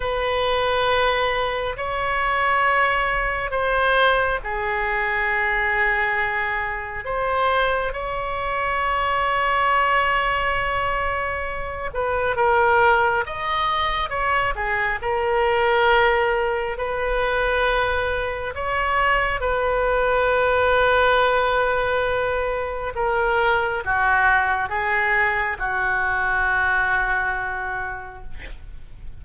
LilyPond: \new Staff \with { instrumentName = "oboe" } { \time 4/4 \tempo 4 = 68 b'2 cis''2 | c''4 gis'2. | c''4 cis''2.~ | cis''4. b'8 ais'4 dis''4 |
cis''8 gis'8 ais'2 b'4~ | b'4 cis''4 b'2~ | b'2 ais'4 fis'4 | gis'4 fis'2. | }